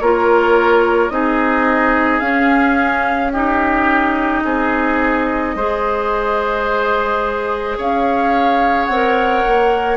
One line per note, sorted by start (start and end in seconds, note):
0.00 1.10 A#3
0.00 1.11 F4
0.00 1.12 A#4
0.00 1.10 C#5
1.10 2.21 C4
1.10 2.21 D#4
1.10 3.33 G#4
1.10 2.20 D#5
2.20 3.32 C#4
2.20 4.43 C#4
2.20 3.31 F5
3.33 5.57 D#4
3.33 4.44 G4
3.33 7.78 D#5
4.44 5.55 C4
4.44 5.56 G#4
5.56 7.78 G#3
5.56 8.91 G#4
5.56 7.78 C5
7.78 8.89 C#4
7.78 9.97 C#5
7.78 8.86 F5
8.86 9.44 C4
8.86 9.97 F#5
8.93 9.97 A#4
9.47 9.97 A#3